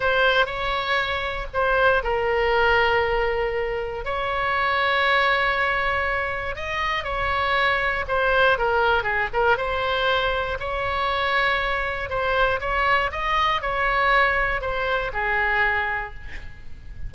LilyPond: \new Staff \with { instrumentName = "oboe" } { \time 4/4 \tempo 4 = 119 c''4 cis''2 c''4 | ais'1 | cis''1~ | cis''4 dis''4 cis''2 |
c''4 ais'4 gis'8 ais'8 c''4~ | c''4 cis''2. | c''4 cis''4 dis''4 cis''4~ | cis''4 c''4 gis'2 | }